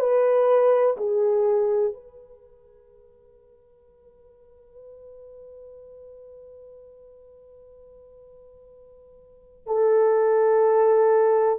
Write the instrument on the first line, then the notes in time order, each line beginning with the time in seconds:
horn
0.00 B4
0.97 G#4
1.94 B4
9.67 A4